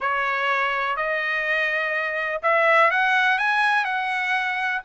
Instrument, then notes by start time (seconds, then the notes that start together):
trumpet
0.00 C#5
0.96 D#5
2.42 E5
2.91 F#5
3.38 G#5
3.84 F#5